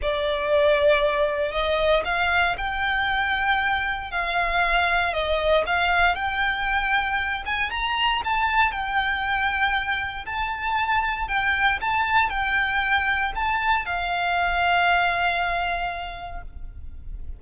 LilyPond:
\new Staff \with { instrumentName = "violin" } { \time 4/4 \tempo 4 = 117 d''2. dis''4 | f''4 g''2. | f''2 dis''4 f''4 | g''2~ g''8 gis''8 ais''4 |
a''4 g''2. | a''2 g''4 a''4 | g''2 a''4 f''4~ | f''1 | }